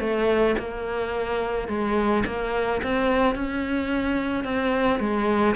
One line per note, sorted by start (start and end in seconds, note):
0.00 0.56 A3
0.59 1.68 A#3
1.68 2.23 G#3
2.26 2.81 A#3
2.83 3.35 C4
3.35 4.44 C#4
4.44 4.99 C4
5.00 5.56 G#3